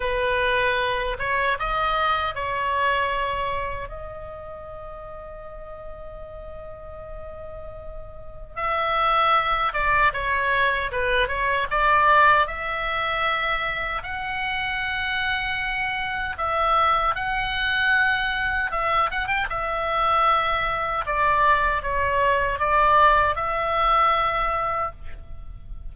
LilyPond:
\new Staff \with { instrumentName = "oboe" } { \time 4/4 \tempo 4 = 77 b'4. cis''8 dis''4 cis''4~ | cis''4 dis''2.~ | dis''2. e''4~ | e''8 d''8 cis''4 b'8 cis''8 d''4 |
e''2 fis''2~ | fis''4 e''4 fis''2 | e''8 fis''16 g''16 e''2 d''4 | cis''4 d''4 e''2 | }